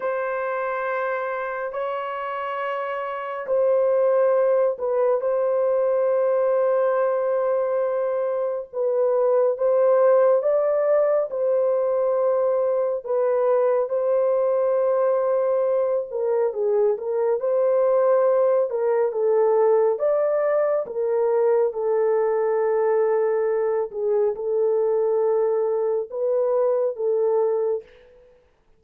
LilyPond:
\new Staff \with { instrumentName = "horn" } { \time 4/4 \tempo 4 = 69 c''2 cis''2 | c''4. b'8 c''2~ | c''2 b'4 c''4 | d''4 c''2 b'4 |
c''2~ c''8 ais'8 gis'8 ais'8 | c''4. ais'8 a'4 d''4 | ais'4 a'2~ a'8 gis'8 | a'2 b'4 a'4 | }